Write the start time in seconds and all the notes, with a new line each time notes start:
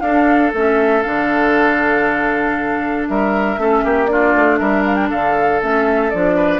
0.00 D4 A4 F5
0.53 A3 C#4 E5
1.02 D3 D4 F5
3.08 G3 A#4 E5
3.57 A3 C#4 A4
3.84 A#3 G4
4.06 D4 F4 D5
4.35 A3
4.58 G3 A#4 E5
4.86 F5
4.95 G5
5.09 D3 A4 F5
5.61 A3 C#4 E5
6.10 F3 D4 D5
6.35 B4